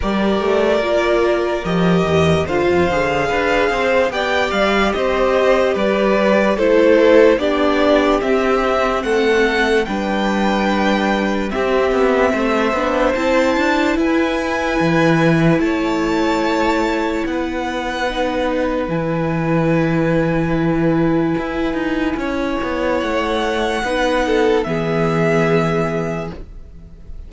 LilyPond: <<
  \new Staff \with { instrumentName = "violin" } { \time 4/4 \tempo 4 = 73 d''2 dis''4 f''4~ | f''4 g''8 f''8 dis''4 d''4 | c''4 d''4 e''4 fis''4 | g''2 e''2 |
a''4 gis''2 a''4~ | a''4 fis''2 gis''4~ | gis''1 | fis''2 e''2 | }
  \new Staff \with { instrumentName = "violin" } { \time 4/4 ais'2. c''4 | b'8 c''8 d''4 c''4 b'4 | a'4 g'2 a'4 | b'2 g'4 c''4~ |
c''4 b'2 cis''4~ | cis''4 b'2.~ | b'2. cis''4~ | cis''4 b'8 a'8 gis'2 | }
  \new Staff \with { instrumentName = "viola" } { \time 4/4 g'4 f'4 g'4 f'8 gis'8~ | gis'4 g'2. | e'4 d'4 c'2 | d'2 c'4. d'8 |
e'1~ | e'2 dis'4 e'4~ | e'1~ | e'4 dis'4 b2 | }
  \new Staff \with { instrumentName = "cello" } { \time 4/4 g8 a8 ais4 f8 e,8 d16 f,16 d8 | d'8 c'8 b8 g8 c'4 g4 | a4 b4 c'4 a4 | g2 c'8 b8 a8 b8 |
c'8 d'8 e'4 e4 a4~ | a4 b2 e4~ | e2 e'8 dis'8 cis'8 b8 | a4 b4 e2 | }
>>